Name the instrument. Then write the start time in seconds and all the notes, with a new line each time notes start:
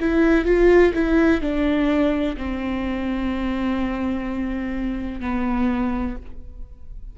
viola
0.00 E4
0.45 F4
0.94 E4
1.41 D4
2.37 C4
5.21 B3